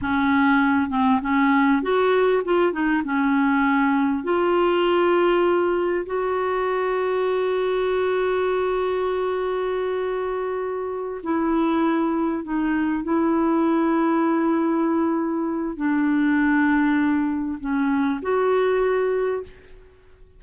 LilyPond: \new Staff \with { instrumentName = "clarinet" } { \time 4/4 \tempo 4 = 99 cis'4. c'8 cis'4 fis'4 | f'8 dis'8 cis'2 f'4~ | f'2 fis'2~ | fis'1~ |
fis'2~ fis'8 e'4.~ | e'8 dis'4 e'2~ e'8~ | e'2 d'2~ | d'4 cis'4 fis'2 | }